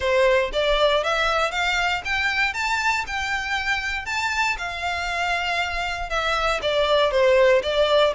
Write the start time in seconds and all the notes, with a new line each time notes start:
0.00 C5
0.52 D5
1.03 E5
1.51 F5
2.04 G5
2.53 A5
3.06 G5
4.05 A5
4.58 F5
6.09 E5
6.61 D5
7.11 C5
7.62 D5